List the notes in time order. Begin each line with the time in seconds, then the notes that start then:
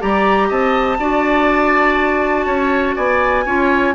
0.00 G3 G4 D5 A#5
0.49 C4 D#5 A5
0.99 D4 F#4 D5
2.46 C#4 C#5
2.96 B3 D5 G#5
3.46 C#4 F4 C#5